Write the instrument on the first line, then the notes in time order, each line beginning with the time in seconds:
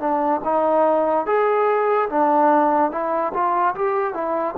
trombone
0.00 D4
0.44 D#4
1.26 G#4
2.10 D4
2.91 E4
3.34 F4
3.75 G4
4.14 E4